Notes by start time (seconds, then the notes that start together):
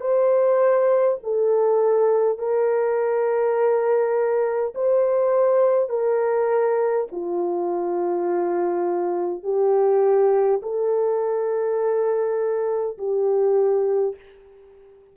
0.00 C5
1.23 A4
2.39 A#4
4.74 C5
5.89 A#4
7.11 F4
9.43 G4
10.62 A4
12.98 G4